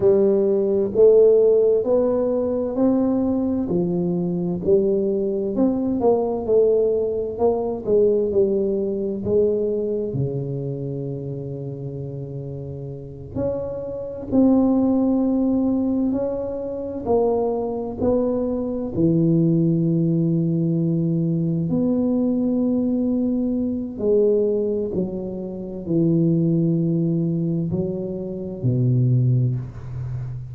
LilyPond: \new Staff \with { instrumentName = "tuba" } { \time 4/4 \tempo 4 = 65 g4 a4 b4 c'4 | f4 g4 c'8 ais8 a4 | ais8 gis8 g4 gis4 cis4~ | cis2~ cis8 cis'4 c'8~ |
c'4. cis'4 ais4 b8~ | b8 e2. b8~ | b2 gis4 fis4 | e2 fis4 b,4 | }